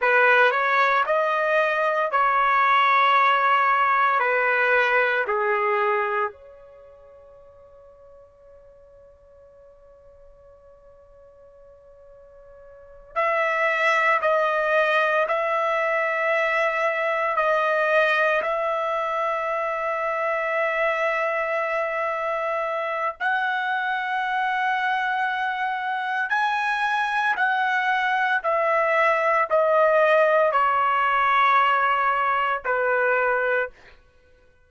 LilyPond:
\new Staff \with { instrumentName = "trumpet" } { \time 4/4 \tempo 4 = 57 b'8 cis''8 dis''4 cis''2 | b'4 gis'4 cis''2~ | cis''1~ | cis''8 e''4 dis''4 e''4.~ |
e''8 dis''4 e''2~ e''8~ | e''2 fis''2~ | fis''4 gis''4 fis''4 e''4 | dis''4 cis''2 b'4 | }